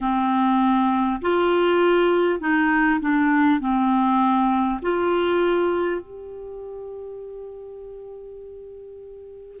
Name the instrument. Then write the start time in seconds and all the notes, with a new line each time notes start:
clarinet
0.01 C4
1.21 F4
2.39 D#4
3.00 D4
3.60 C4
4.82 F4
6.01 G4